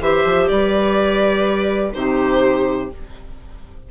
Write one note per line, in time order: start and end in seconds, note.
0.00 0.24 E3
0.00 1.93 G4
0.00 0.49 C5
0.00 0.48 E5
0.25 0.49 F3
0.48 1.94 G3
0.48 1.95 B4
0.48 1.92 D5
1.93 2.91 C3
1.93 2.89 D#4
1.93 2.91 G4
1.93 2.90 C5